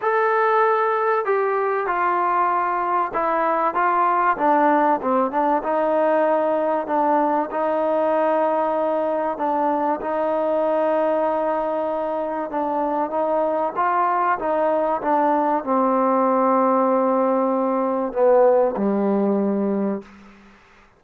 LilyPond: \new Staff \with { instrumentName = "trombone" } { \time 4/4 \tempo 4 = 96 a'2 g'4 f'4~ | f'4 e'4 f'4 d'4 | c'8 d'8 dis'2 d'4 | dis'2. d'4 |
dis'1 | d'4 dis'4 f'4 dis'4 | d'4 c'2.~ | c'4 b4 g2 | }